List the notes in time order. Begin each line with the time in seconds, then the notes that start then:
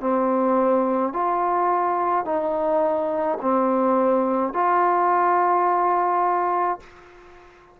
0.00 C4
1.13 F4
2.25 D#4
3.41 C4
4.53 F4